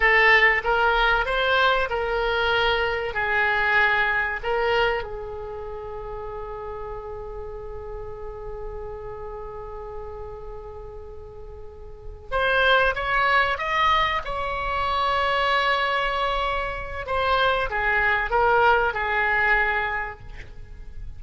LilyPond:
\new Staff \with { instrumentName = "oboe" } { \time 4/4 \tempo 4 = 95 a'4 ais'4 c''4 ais'4~ | ais'4 gis'2 ais'4 | gis'1~ | gis'1~ |
gis'2.~ gis'8 c''8~ | c''8 cis''4 dis''4 cis''4.~ | cis''2. c''4 | gis'4 ais'4 gis'2 | }